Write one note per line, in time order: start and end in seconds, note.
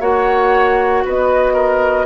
0.00 1.03 A#3
0.00 2.05 F#4
0.00 1.03 C#5
0.00 1.05 F#5
1.05 2.05 B3
1.05 1.53 B4
1.05 2.05 D#5
1.53 2.05 A#4